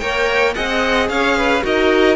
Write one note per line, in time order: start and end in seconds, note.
0.00 0.56 A#3
0.00 0.55 A#4
0.00 0.55 C#5
0.00 0.54 G5
0.55 1.09 C4
0.55 1.62 G#4
0.55 1.10 D#5
0.55 1.09 F#5
1.09 1.64 C#4
1.09 1.37 C#5
1.09 1.63 F5
1.37 1.64 B4
1.62 2.16 D#4
1.62 2.16 F#4
1.62 2.16 A#4
1.62 2.16 D#5